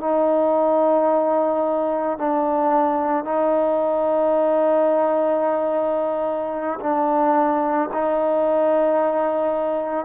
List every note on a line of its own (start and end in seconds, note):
0.00 2.18 D#4
2.18 3.25 D4
3.25 6.79 D#4
6.80 7.89 D4
7.93 10.06 D#4